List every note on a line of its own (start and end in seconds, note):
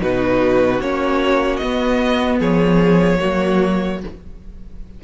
0.00 0.79 B2
0.00 0.80 D#4
0.00 2.39 F#4
0.00 0.80 B4
0.79 1.59 A#3
0.79 1.61 C#4
0.79 1.56 C#5
1.56 3.19 B3
1.56 2.36 D#5
1.63 2.40 B3
2.39 3.20 F3
2.39 3.19 G#4
2.39 4.01 C#5
3.19 4.03 F#3
3.19 3.99 A#3
3.19 3.99 F#4